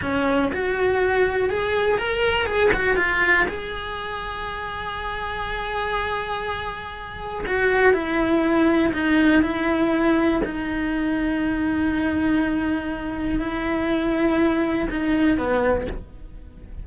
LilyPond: \new Staff \with { instrumentName = "cello" } { \time 4/4 \tempo 4 = 121 cis'4 fis'2 gis'4 | ais'4 gis'8 fis'8 f'4 gis'4~ | gis'1~ | gis'2. fis'4 |
e'2 dis'4 e'4~ | e'4 dis'2.~ | dis'2. e'4~ | e'2 dis'4 b4 | }